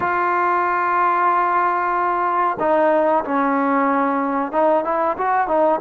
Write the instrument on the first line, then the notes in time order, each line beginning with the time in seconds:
trombone
0.00 F4
2.59 D#4
3.24 C#4
4.52 D#4
4.84 E4
5.17 F#4
5.47 D#4